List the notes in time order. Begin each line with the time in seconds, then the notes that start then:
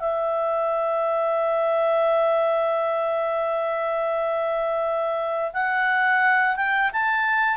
0.00 E5
5.53 F#5
6.56 G5
6.93 A5